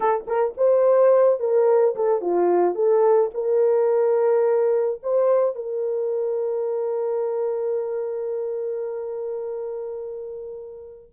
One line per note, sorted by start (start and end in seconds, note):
0.00 0.25 A4
0.27 0.54 A#4
0.57 1.39 C5
1.39 1.95 A#4
1.95 2.21 A4
2.21 2.74 F4
2.74 3.30 A4
3.34 5.00 A#4
5.03 5.55 C5
5.55 11.10 A#4